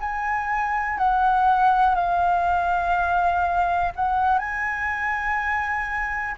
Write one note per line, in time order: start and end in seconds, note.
0.00 0.97 G#5
0.97 1.95 F#5
1.95 3.92 F5
3.95 4.38 F#5
4.38 6.35 G#5